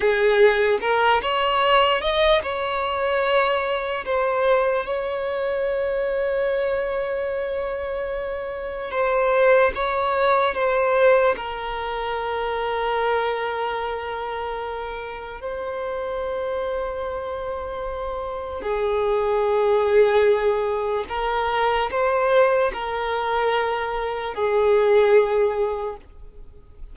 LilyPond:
\new Staff \with { instrumentName = "violin" } { \time 4/4 \tempo 4 = 74 gis'4 ais'8 cis''4 dis''8 cis''4~ | cis''4 c''4 cis''2~ | cis''2. c''4 | cis''4 c''4 ais'2~ |
ais'2. c''4~ | c''2. gis'4~ | gis'2 ais'4 c''4 | ais'2 gis'2 | }